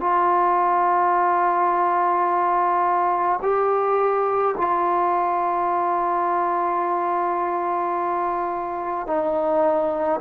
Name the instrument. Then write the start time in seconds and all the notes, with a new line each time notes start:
trombone
0.00 F4
3.42 G4
4.57 F4
9.07 D#4